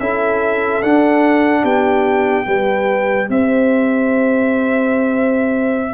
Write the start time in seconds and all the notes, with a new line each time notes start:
0.00 C#4 E4 A4 E5
0.82 D4 F#5
1.62 B3 G4 G5
2.45 G3 G4 B4
3.29 C4 C5 E5